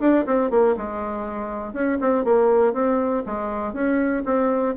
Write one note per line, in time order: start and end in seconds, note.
0.00 0.25 D4
0.26 0.50 C4
0.50 0.75 A#3
0.77 1.73 G#3
1.73 1.98 C#4
2.00 2.24 C4
2.24 2.73 A#3
2.73 3.23 C4
3.26 3.73 G#3
3.73 4.23 C#4
4.25 4.75 C4